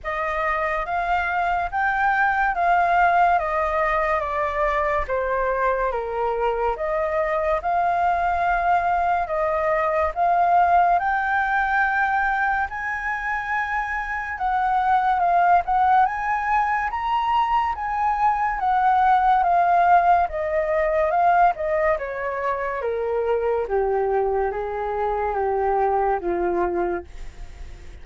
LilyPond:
\new Staff \with { instrumentName = "flute" } { \time 4/4 \tempo 4 = 71 dis''4 f''4 g''4 f''4 | dis''4 d''4 c''4 ais'4 | dis''4 f''2 dis''4 | f''4 g''2 gis''4~ |
gis''4 fis''4 f''8 fis''8 gis''4 | ais''4 gis''4 fis''4 f''4 | dis''4 f''8 dis''8 cis''4 ais'4 | g'4 gis'4 g'4 f'4 | }